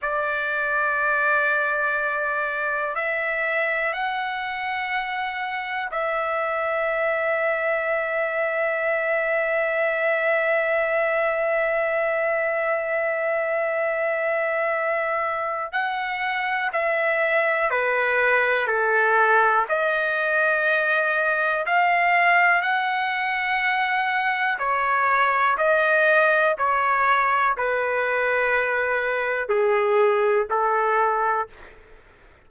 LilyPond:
\new Staff \with { instrumentName = "trumpet" } { \time 4/4 \tempo 4 = 61 d''2. e''4 | fis''2 e''2~ | e''1~ | e''1 |
fis''4 e''4 b'4 a'4 | dis''2 f''4 fis''4~ | fis''4 cis''4 dis''4 cis''4 | b'2 gis'4 a'4 | }